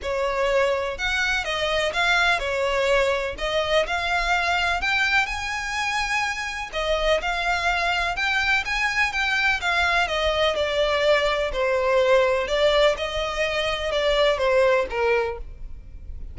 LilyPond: \new Staff \with { instrumentName = "violin" } { \time 4/4 \tempo 4 = 125 cis''2 fis''4 dis''4 | f''4 cis''2 dis''4 | f''2 g''4 gis''4~ | gis''2 dis''4 f''4~ |
f''4 g''4 gis''4 g''4 | f''4 dis''4 d''2 | c''2 d''4 dis''4~ | dis''4 d''4 c''4 ais'4 | }